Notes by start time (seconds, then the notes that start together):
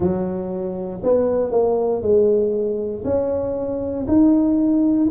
0.00 F#3
1.03 B3
1.51 A#3
2.02 G#3
3.04 C#4
4.07 D#4